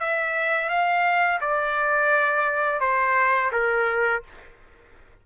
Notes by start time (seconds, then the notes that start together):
0.00 E5
0.69 F5
1.41 D5
2.80 C5
3.52 A#4